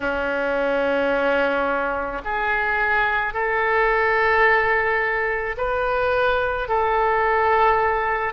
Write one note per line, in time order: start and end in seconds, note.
0.00 2.22 C#4
2.24 3.33 G#4
3.33 5.56 A4
5.57 6.68 B4
6.68 8.33 A4